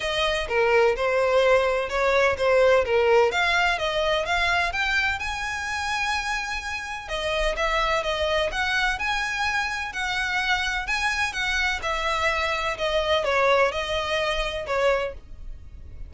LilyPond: \new Staff \with { instrumentName = "violin" } { \time 4/4 \tempo 4 = 127 dis''4 ais'4 c''2 | cis''4 c''4 ais'4 f''4 | dis''4 f''4 g''4 gis''4~ | gis''2. dis''4 |
e''4 dis''4 fis''4 gis''4~ | gis''4 fis''2 gis''4 | fis''4 e''2 dis''4 | cis''4 dis''2 cis''4 | }